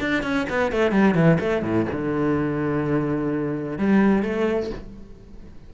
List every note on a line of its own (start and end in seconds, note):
0.00 0.23 D4
0.23 0.46 C#4
0.49 0.72 B3
0.72 0.91 A3
0.91 1.14 G3
1.14 1.38 E3
1.40 1.63 A3
1.63 1.86 A2
1.92 3.78 D3
3.78 4.23 G3
4.23 4.70 A3